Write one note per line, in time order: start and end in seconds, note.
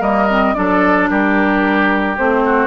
0.00 0.54 G3
0.00 0.27 A#3
0.00 0.54 A#4
0.00 0.54 D#5
0.30 0.55 C4
0.54 1.10 F#3
0.54 2.16 D4
0.54 1.09 A4
0.54 1.07 D5
1.09 2.17 G3
1.09 2.43 G4
1.09 2.17 A#4
2.17 2.67 A3
2.17 2.67 C4
2.17 2.67 C5
2.45 2.67 F#4